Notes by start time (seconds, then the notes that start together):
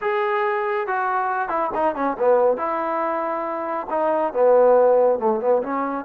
0.01 G#4
0.87 F#4
1.49 E4
1.74 D#4
1.95 C#4
2.18 B3
2.57 E4
3.89 D#4
4.33 B3
5.19 A3
5.40 B3
5.62 C#4